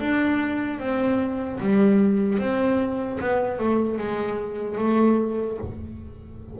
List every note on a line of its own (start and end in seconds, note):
0.00 0.80 D4
0.80 1.60 C4
1.60 2.39 G3
2.39 3.19 C4
3.21 3.59 B3
3.59 3.99 A3
3.99 4.78 G#3
4.78 5.58 A3